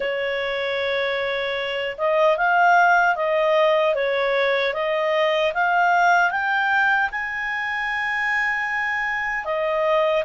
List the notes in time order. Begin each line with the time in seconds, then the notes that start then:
0.00 C#5
1.97 D#5
2.37 F5
3.15 D#5
3.94 C#5
4.73 D#5
5.53 F5
6.31 G5
7.11 G#5
9.44 D#5